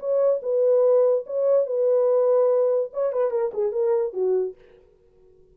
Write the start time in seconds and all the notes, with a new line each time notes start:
0.00 C#5
0.43 B4
1.27 C#5
1.67 B4
2.94 C#5
3.13 B4
3.31 A#4
3.54 G#4
3.73 A#4
4.14 F#4